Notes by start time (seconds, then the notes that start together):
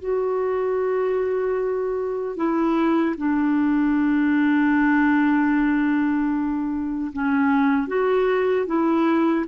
0.00 F#4
2.37 E4
3.18 D4
7.13 C#4
7.87 F#4
8.67 E4